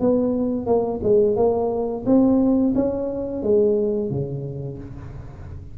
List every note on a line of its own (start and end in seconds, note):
0.00 0.66 B3
0.66 1.00 A#3
1.03 1.36 G#3
1.36 2.05 A#3
2.06 2.74 C4
2.75 3.43 C#4
3.43 4.10 G#3
4.10 4.78 C#3